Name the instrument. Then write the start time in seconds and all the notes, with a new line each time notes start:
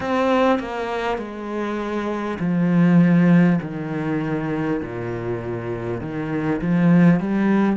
cello
0.00 C4
0.59 A#3
1.17 G#3
2.39 F3
3.61 D#3
4.82 A#2
6.01 D#3
6.61 F3
7.20 G3